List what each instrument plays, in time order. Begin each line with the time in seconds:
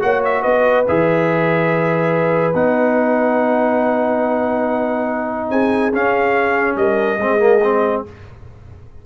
0.00 tuba A#3, trombone F#4, horn C#5, trumpet F#5
0.24 trumpet E5
0.42 tuba B3, horn B4, trumpet D#5
0.87 tuba E3, trombone G#4, trumpet E5
2.54 tuba B3, trombone D#4, trumpet F#5
5.49 tuba C4, horn G#4, trumpet G#5
5.93 tuba C#4, trombone C#4, trumpet F5
6.76 tuba G3, horn A#4, trumpet D#5
7.17 tuba G#3, trombone C4, horn G#4
7.39 trombone A#3
7.63 trombone C4